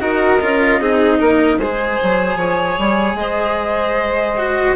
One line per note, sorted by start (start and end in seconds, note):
0.00 0.40 D#4
0.00 0.39 F#4
0.00 0.80 A#4
0.00 1.58 D#5
0.41 0.80 C#4
0.41 0.80 F4
0.80 1.19 C4
0.80 1.59 D#4
0.80 1.19 G#4
1.19 1.58 A#3
1.19 1.58 A#4
1.58 1.98 G#3
1.58 4.38 G#4
1.58 2.37 C5
1.58 3.17 G#5
2.03 2.36 F#3
2.36 2.75 F3
2.36 3.16 C#5
2.79 3.14 G3
3.14 4.72 G#3
3.14 4.75 C5
3.14 4.75 D#5
4.38 4.75 F#4